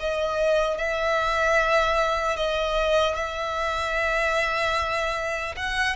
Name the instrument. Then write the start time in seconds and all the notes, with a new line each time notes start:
violin
0.00 D#5
0.78 E5
2.37 D#5
3.16 E5
5.57 F#5